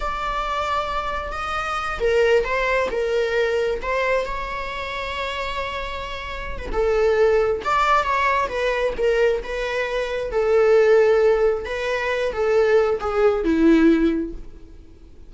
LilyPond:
\new Staff \with { instrumentName = "viola" } { \time 4/4 \tempo 4 = 134 d''2. dis''4~ | dis''8 ais'4 c''4 ais'4.~ | ais'8 c''4 cis''2~ cis''8~ | cis''2~ cis''8. b'16 a'4~ |
a'4 d''4 cis''4 b'4 | ais'4 b'2 a'4~ | a'2 b'4. a'8~ | a'4 gis'4 e'2 | }